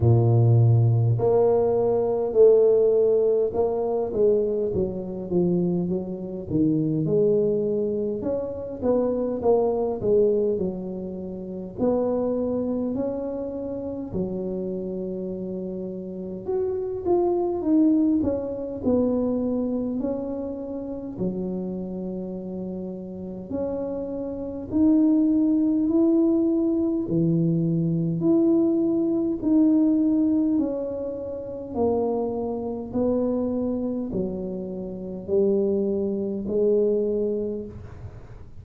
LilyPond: \new Staff \with { instrumentName = "tuba" } { \time 4/4 \tempo 4 = 51 ais,4 ais4 a4 ais8 gis8 | fis8 f8 fis8 dis8 gis4 cis'8 b8 | ais8 gis8 fis4 b4 cis'4 | fis2 fis'8 f'8 dis'8 cis'8 |
b4 cis'4 fis2 | cis'4 dis'4 e'4 e4 | e'4 dis'4 cis'4 ais4 | b4 fis4 g4 gis4 | }